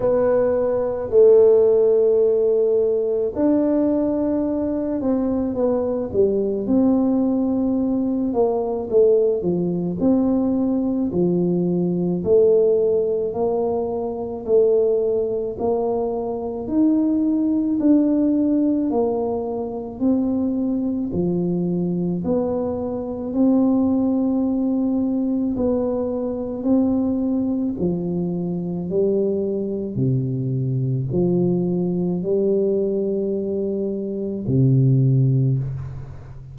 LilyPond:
\new Staff \with { instrumentName = "tuba" } { \time 4/4 \tempo 4 = 54 b4 a2 d'4~ | d'8 c'8 b8 g8 c'4. ais8 | a8 f8 c'4 f4 a4 | ais4 a4 ais4 dis'4 |
d'4 ais4 c'4 f4 | b4 c'2 b4 | c'4 f4 g4 c4 | f4 g2 c4 | }